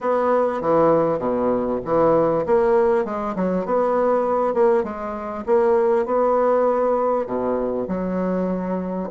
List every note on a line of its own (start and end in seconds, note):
0.00 0.61 B3
0.61 1.18 E3
1.18 1.79 B2
1.84 2.45 E3
2.46 3.04 A#3
3.04 3.35 G#3
3.35 3.65 F#3
3.65 4.53 B3
4.53 4.83 A#3
4.83 5.44 G#3
5.45 6.05 A#3
6.05 7.26 B3
7.26 7.87 B2
7.88 9.09 F#3